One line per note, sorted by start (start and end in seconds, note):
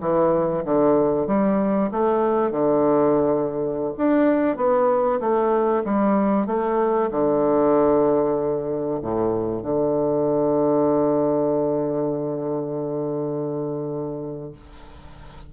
0.00 0.63 E3
0.64 1.27 D3
1.27 1.90 G3
1.91 2.51 A3
2.51 3.93 D3
3.97 4.56 D4
4.56 5.19 B3
5.20 5.83 A3
5.84 6.47 G3
6.47 7.10 A3
7.11 9.00 D3
9.01 9.62 A2
9.62 14.52 D3